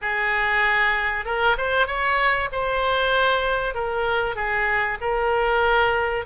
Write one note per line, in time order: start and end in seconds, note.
0.01 1.25 G#4
1.25 1.56 A#4
1.57 1.86 C5
1.86 2.49 C#5
2.52 3.74 C5
3.74 4.35 A#4
4.35 4.98 G#4
5.00 6.25 A#4